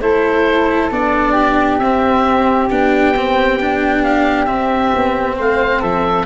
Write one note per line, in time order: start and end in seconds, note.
0.00 0.90 A3
0.00 0.91 E4
0.00 1.32 A4
0.00 0.91 C5
0.91 1.79 B3
0.91 1.81 D4
0.91 1.79 D5
1.32 5.35 G4
1.79 2.68 C4
1.79 2.70 C4
1.79 2.68 E5
2.70 4.48 B3
2.70 3.15 D4
2.70 4.03 G5
3.16 3.60 C4
3.60 4.47 D4
4.03 4.46 F5
4.46 6.26 C4
4.46 4.92 C4
4.46 5.35 E5
4.94 5.39 B3
5.37 5.82 A3
5.37 5.81 C5
5.37 5.82 F5
5.81 6.26 F3
5.81 6.25 A4
5.81 6.26 E5